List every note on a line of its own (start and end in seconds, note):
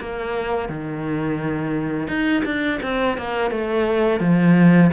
0.00 0.69 A#3
0.69 2.08 D#3
2.08 2.43 D#4
2.45 2.80 D4
2.82 3.18 C4
3.18 3.51 A#3
3.51 4.20 A3
4.20 4.91 F3